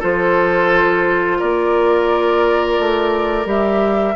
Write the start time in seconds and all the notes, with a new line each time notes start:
0.00 F3 F4 A4 C5
1.39 A#3 A#4 D5
2.79 A3
3.45 G3 G4 E5